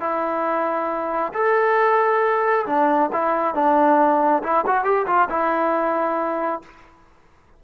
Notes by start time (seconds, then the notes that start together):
0.00 E4
1.33 A4
2.66 D4
3.12 E4
3.54 D4
4.43 E4
4.66 F#4
4.84 G4
5.06 F4
5.29 E4